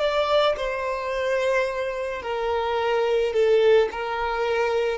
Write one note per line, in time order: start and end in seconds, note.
0.00 0.56 D5
0.57 2.22 C5
2.22 3.33 A#4
3.33 3.89 A4
3.92 4.98 A#4